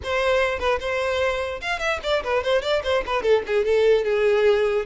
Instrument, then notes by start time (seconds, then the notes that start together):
violin
0.03 C5
0.59 B4
0.79 C5
1.61 F5
1.79 E5
2.03 D5
2.23 B4
2.43 C5
2.62 D5
2.83 C5
3.06 B4
3.22 A4
3.47 G#4
3.64 A4
4.04 G#4